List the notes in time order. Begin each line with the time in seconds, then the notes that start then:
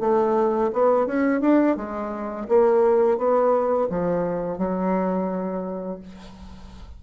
0.00 A3
0.73 B3
1.07 C#4
1.41 D4
1.76 G#3
2.48 A#3
3.18 B3
3.90 F3
4.58 F#3